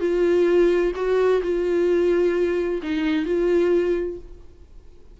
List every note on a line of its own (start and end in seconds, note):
0.00 0.92 F4
0.95 1.42 F#4
1.42 2.81 F4
2.83 3.26 D#4
3.26 4.18 F4